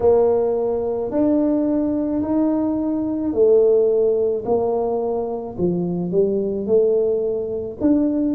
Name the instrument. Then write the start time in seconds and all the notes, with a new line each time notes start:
tuba
0.00 A#3
1.11 D4
2.22 D#4
3.33 A3
4.45 A#3
5.58 F3
6.11 G3
6.66 A3
7.80 D4